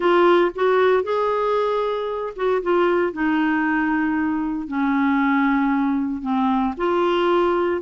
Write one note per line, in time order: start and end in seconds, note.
0.00 0.51 F4
0.55 1.03 F#4
1.03 2.33 G#4
2.35 2.62 F#4
2.62 3.12 F4
3.12 4.67 D#4
4.67 6.22 C#4
6.22 6.74 C4
6.77 7.81 F4